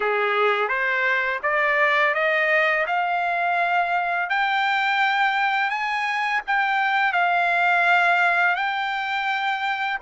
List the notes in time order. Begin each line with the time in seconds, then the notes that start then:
0.00 G#4
0.68 C5
1.43 D5
2.14 D#5
2.86 F5
4.29 G5
5.69 G#5
6.46 G5
7.12 F5
8.55 G5